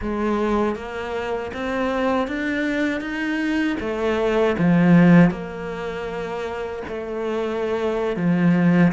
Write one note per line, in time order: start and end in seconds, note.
0.01 0.75 G#3
0.75 1.51 A#3
1.53 2.27 C4
2.27 3.00 D4
3.00 3.76 D#4
3.80 4.56 A3
4.58 5.30 F3
5.30 6.82 A#3
6.88 8.16 A3
8.16 8.92 F3